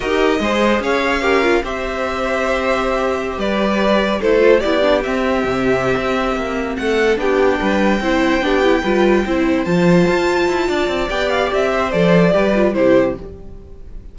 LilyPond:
<<
  \new Staff \with { instrumentName = "violin" } { \time 4/4 \tempo 4 = 146 dis''2 f''2 | e''1~ | e''16 d''2 c''4 d''8.~ | d''16 e''2.~ e''8.~ |
e''8 fis''4 g''2~ g''8~ | g''2.~ g''8 a''8~ | a''2. g''8 f''8 | e''4 d''2 c''4 | }
  \new Staff \with { instrumentName = "violin" } { \time 4/4 ais'4 c''4 cis''4 ais'4 | c''1~ | c''16 b'2 a'4 g'8.~ | g'1~ |
g'8 a'4 g'4 b'4 c''8~ | c''8 g'4 b'4 c''4.~ | c''2 d''2~ | d''8 c''4. b'4 g'4 | }
  \new Staff \with { instrumentName = "viola" } { \time 4/4 g'4 gis'2 g'8 f'8 | g'1~ | g'2~ g'16 e'8 f'8 e'8 d'16~ | d'16 c'2.~ c'8.~ |
c'4. d'2 e'8~ | e'8 d'8 e'8 f'4 e'4 f'8~ | f'2. g'4~ | g'4 a'4 g'8 f'8 e'4 | }
  \new Staff \with { instrumentName = "cello" } { \time 4/4 dis'4 gis4 cis'2 | c'1~ | c'16 g2 a4 b8.~ | b16 c'4 c4~ c16 c'4 ais8~ |
ais8 a4 b4 g4 c'8~ | c'8 b4 g4 c'4 f8~ | f8 f'4 e'8 d'8 c'8 b4 | c'4 f4 g4 c4 | }
>>